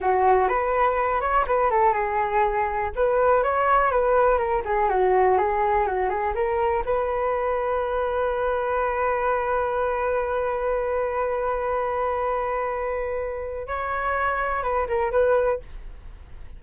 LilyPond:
\new Staff \with { instrumentName = "flute" } { \time 4/4 \tempo 4 = 123 fis'4 b'4. cis''8 b'8 a'8 | gis'2 b'4 cis''4 | b'4 ais'8 gis'8 fis'4 gis'4 | fis'8 gis'8 ais'4 b'2~ |
b'1~ | b'1~ | b'1 | cis''2 b'8 ais'8 b'4 | }